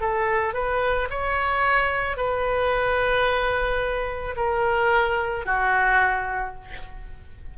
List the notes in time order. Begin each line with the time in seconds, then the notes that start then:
0.00 A4
0.54 B4
1.10 C#5
2.17 B4
4.36 A#4
5.45 F#4